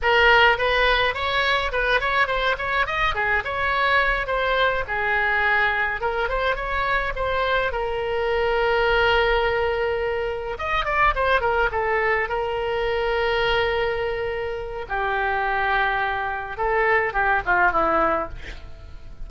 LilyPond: \new Staff \with { instrumentName = "oboe" } { \time 4/4 \tempo 4 = 105 ais'4 b'4 cis''4 b'8 cis''8 | c''8 cis''8 dis''8 gis'8 cis''4. c''8~ | c''8 gis'2 ais'8 c''8 cis''8~ | cis''8 c''4 ais'2~ ais'8~ |
ais'2~ ais'8 dis''8 d''8 c''8 | ais'8 a'4 ais'2~ ais'8~ | ais'2 g'2~ | g'4 a'4 g'8 f'8 e'4 | }